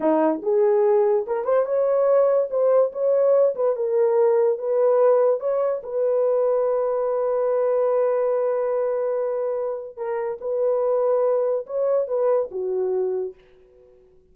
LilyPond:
\new Staff \with { instrumentName = "horn" } { \time 4/4 \tempo 4 = 144 dis'4 gis'2 ais'8 c''8 | cis''2 c''4 cis''4~ | cis''8 b'8 ais'2 b'4~ | b'4 cis''4 b'2~ |
b'1~ | b'1 | ais'4 b'2. | cis''4 b'4 fis'2 | }